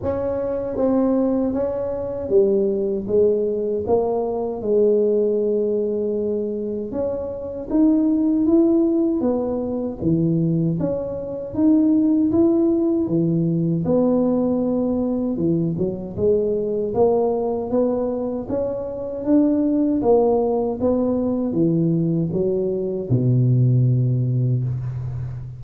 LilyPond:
\new Staff \with { instrumentName = "tuba" } { \time 4/4 \tempo 4 = 78 cis'4 c'4 cis'4 g4 | gis4 ais4 gis2~ | gis4 cis'4 dis'4 e'4 | b4 e4 cis'4 dis'4 |
e'4 e4 b2 | e8 fis8 gis4 ais4 b4 | cis'4 d'4 ais4 b4 | e4 fis4 b,2 | }